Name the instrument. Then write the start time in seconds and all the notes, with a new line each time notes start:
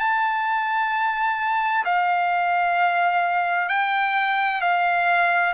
trumpet
0.00 A5
1.85 F5
3.69 G5
4.62 F5